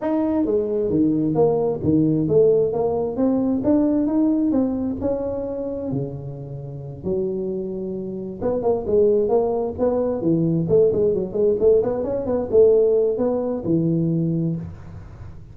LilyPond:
\new Staff \with { instrumentName = "tuba" } { \time 4/4 \tempo 4 = 132 dis'4 gis4 dis4 ais4 | dis4 a4 ais4 c'4 | d'4 dis'4 c'4 cis'4~ | cis'4 cis2~ cis8 fis8~ |
fis2~ fis8 b8 ais8 gis8~ | gis8 ais4 b4 e4 a8 | gis8 fis8 gis8 a8 b8 cis'8 b8 a8~ | a4 b4 e2 | }